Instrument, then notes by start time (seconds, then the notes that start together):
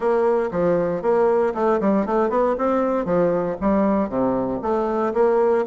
bassoon
0.00 A#3
0.51 F3
1.02 A#3
1.54 A3
1.80 G3
2.05 A3
2.29 B3
2.58 C4
3.05 F3
3.60 G3
4.09 C3
4.62 A3
5.13 A#3